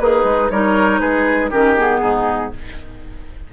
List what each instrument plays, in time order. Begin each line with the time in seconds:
0.00 bassoon A#3, oboe D#4, clarinet G#4, flute B4
0.24 bassoon G#3
0.51 bassoon G3, clarinet D#4, oboe A#4, flute C#5
1.00 bassoon G#3, oboe G#4, flute B4
1.51 bassoon D#3, clarinet C#4, oboe G4, flute A#4
1.77 clarinet B3, flute G#4
2.02 bassoon G#2, oboe D#4